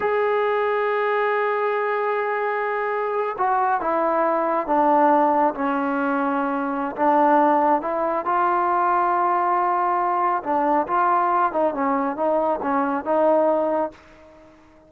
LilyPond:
\new Staff \with { instrumentName = "trombone" } { \time 4/4 \tempo 4 = 138 gis'1~ | gis'2.~ gis'8. fis'16~ | fis'8. e'2 d'4~ d'16~ | d'8. cis'2.~ cis'16 |
d'2 e'4 f'4~ | f'1 | d'4 f'4. dis'8 cis'4 | dis'4 cis'4 dis'2 | }